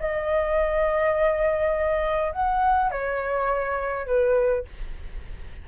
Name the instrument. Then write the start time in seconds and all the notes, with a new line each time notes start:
flute
0.00 D#5
2.33 F#5
2.91 C#5
4.07 B4